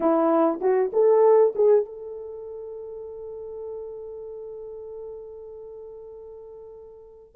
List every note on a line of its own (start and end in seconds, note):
0.00 0.60 E4
0.60 0.91 F#4
0.92 1.54 A4
1.55 1.85 G#4
1.85 7.35 A4